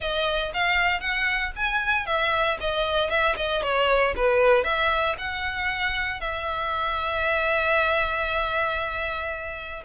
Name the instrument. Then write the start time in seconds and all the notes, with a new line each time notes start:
violin
0.00 D#5
0.53 F5
1.00 F#5
1.55 G#5
2.05 E5
2.60 D#5
3.09 E5
3.36 D#5
3.62 C#5
4.15 B4
4.64 E5
5.17 F#5
6.20 E5